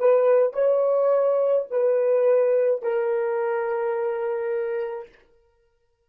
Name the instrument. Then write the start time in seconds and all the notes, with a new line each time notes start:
horn
0.00 B4
0.54 C#5
1.71 B4
2.83 A#4